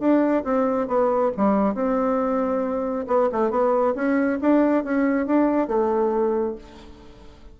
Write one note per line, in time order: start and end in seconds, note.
0.00 0.44 D4
0.44 0.88 C4
0.88 1.32 B3
1.37 1.75 G3
1.75 3.06 C4
3.08 3.29 B3
3.32 3.51 A3
3.51 3.94 B3
3.95 4.39 C#4
4.41 4.84 D4
4.84 5.27 C#4
5.27 5.68 D4
5.68 6.56 A3